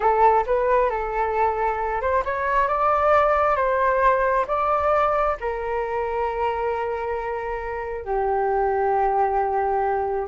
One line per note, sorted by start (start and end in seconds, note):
0.00 0.45 A4
0.46 0.90 B4
0.90 2.01 A4
2.01 2.23 C5
2.24 2.68 C#5
2.68 3.56 D5
3.56 4.45 C5
4.47 5.36 D5
5.40 8.04 A#4
8.04 10.27 G4